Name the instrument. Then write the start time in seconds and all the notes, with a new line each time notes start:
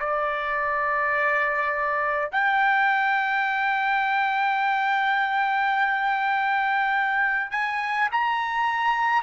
trumpet
0.00 D5
2.32 G5
7.51 G#5
8.12 A#5